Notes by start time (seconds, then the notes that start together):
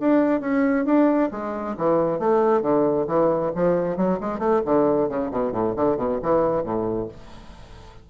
0.00 D4
0.41 C#4
0.85 D4
1.31 G#3
1.77 E3
2.19 A3
2.62 D3
3.07 E3
3.55 F3
3.97 F#3
4.21 G#3
4.39 A3
4.65 D3
5.09 C#3
5.31 B2
5.52 A2
5.76 D3
5.97 B2
6.22 E3
6.64 A2